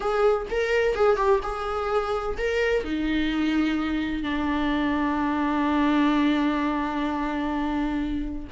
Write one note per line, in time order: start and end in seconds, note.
0.00 0.46 G#4
0.50 0.95 A#4
0.95 1.16 G#4
1.16 1.40 G4
1.42 2.37 G#4
2.37 2.83 A#4
2.83 4.23 D#4
4.23 8.48 D4